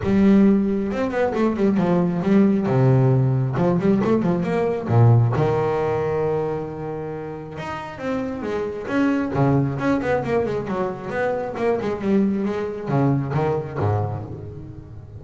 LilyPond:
\new Staff \with { instrumentName = "double bass" } { \time 4/4 \tempo 4 = 135 g2 c'8 b8 a8 g8 | f4 g4 c2 | f8 g8 a8 f8 ais4 ais,4 | dis1~ |
dis4 dis'4 c'4 gis4 | cis'4 cis4 cis'8 b8 ais8 gis8 | fis4 b4 ais8 gis8 g4 | gis4 cis4 dis4 gis,4 | }